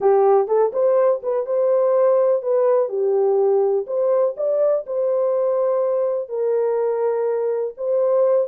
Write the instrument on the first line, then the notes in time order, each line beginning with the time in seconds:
horn
0.00 G4
0.47 A4
0.73 C5
1.22 B4
1.45 C5
2.42 B4
2.89 G4
3.86 C5
4.36 D5
4.86 C5
6.28 A#4
7.77 C5